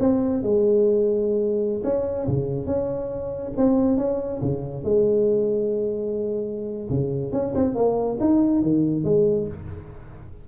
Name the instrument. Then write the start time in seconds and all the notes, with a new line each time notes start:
tuba
0.00 C4
0.43 G#3
1.84 C#4
2.27 C#3
2.66 C#4
3.57 C4
3.98 C#4
4.42 C#3
4.84 G#3
6.90 C#3
7.32 C#4
7.55 C4
7.75 A#3
8.21 D#4
8.63 D#3
9.05 G#3